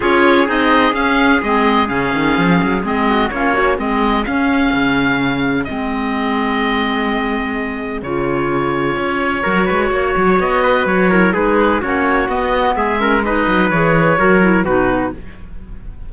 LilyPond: <<
  \new Staff \with { instrumentName = "oboe" } { \time 4/4 \tempo 4 = 127 cis''4 dis''4 f''4 dis''4 | f''2 dis''4 cis''4 | dis''4 f''2. | dis''1~ |
dis''4 cis''2.~ | cis''2 dis''4 cis''4 | b'4 cis''4 dis''4 e''4 | dis''4 cis''2 b'4 | }
  \new Staff \with { instrumentName = "trumpet" } { \time 4/4 gis'1~ | gis'2~ gis'8 fis'8 f'8 cis'8 | gis'1~ | gis'1~ |
gis'1 | ais'8 b'8 cis''4. b'4 ais'8 | gis'4 fis'2 gis'8 ais'8 | b'2 ais'4 fis'4 | }
  \new Staff \with { instrumentName = "clarinet" } { \time 4/4 f'4 dis'4 cis'4 c'4 | cis'2 c'4 cis'8 fis'8 | c'4 cis'2. | c'1~ |
c'4 f'2. | fis'2.~ fis'8 e'8 | dis'4 cis'4 b4. cis'8 | dis'4 gis'4 fis'8 e'8 dis'4 | }
  \new Staff \with { instrumentName = "cello" } { \time 4/4 cis'4 c'4 cis'4 gis4 | cis8 dis8 f8 fis8 gis4 ais4 | gis4 cis'4 cis2 | gis1~ |
gis4 cis2 cis'4 | fis8 gis8 ais8 fis8 b4 fis4 | gis4 ais4 b4 gis4~ | gis8 fis8 e4 fis4 b,4 | }
>>